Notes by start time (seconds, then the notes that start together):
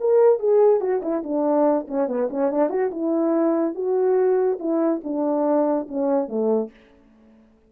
0.00 A#4
0.39 G#4
0.80 F#4
1.02 E4
1.23 D4
1.87 C#4
2.08 B3
2.30 C#4
2.51 D4
2.69 F#4
2.91 E4
3.74 F#4
4.59 E4
5.04 D4
5.88 C#4
6.28 A3